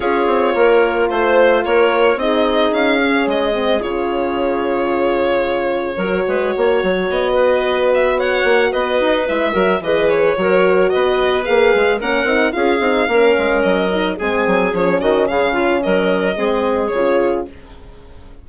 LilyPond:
<<
  \new Staff \with { instrumentName = "violin" } { \time 4/4 \tempo 4 = 110 cis''2 c''4 cis''4 | dis''4 f''4 dis''4 cis''4~ | cis''1~ | cis''4 dis''4. e''8 fis''4 |
dis''4 e''4 dis''8 cis''4. | dis''4 f''4 fis''4 f''4~ | f''4 dis''4 gis''4 cis''8 dis''8 | f''4 dis''2 cis''4 | }
  \new Staff \with { instrumentName = "clarinet" } { \time 4/4 gis'4 ais'4 c''4 ais'4 | gis'1~ | gis'2. ais'8 b'8 | cis''4. b'4. cis''4 |
b'4. ais'8 b'4 ais'4 | b'2 ais'4 gis'4 | ais'2 gis'4. fis'8 | gis'8 f'8 ais'4 gis'2 | }
  \new Staff \with { instrumentName = "horn" } { \time 4/4 f'1 | dis'4. cis'4 c'8 f'4~ | f'2. fis'4~ | fis'1~ |
fis'4 e'8 fis'8 gis'4 fis'4~ | fis'4 gis'4 cis'8 dis'8 f'8 dis'8 | cis'4. dis'8 c'4 cis'4~ | cis'2 c'4 f'4 | }
  \new Staff \with { instrumentName = "bassoon" } { \time 4/4 cis'8 c'8 ais4 a4 ais4 | c'4 cis'4 gis4 cis4~ | cis2. fis8 gis8 | ais8 fis8 b2~ b8 ais8 |
b8 dis'8 gis8 fis8 e4 fis4 | b4 ais8 gis8 ais8 c'8 cis'8 c'8 | ais8 gis8 fis4 gis8 fis8 f8 dis8 | cis4 fis4 gis4 cis4 | }
>>